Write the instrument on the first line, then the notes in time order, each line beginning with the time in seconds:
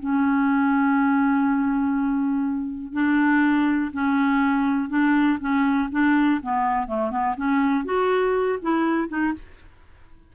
clarinet
0.00 C#4
2.93 D4
3.93 C#4
4.90 D4
5.41 C#4
5.92 D4
6.43 B3
6.88 A3
7.11 B3
7.37 C#4
7.86 F#4
8.62 E4
9.09 D#4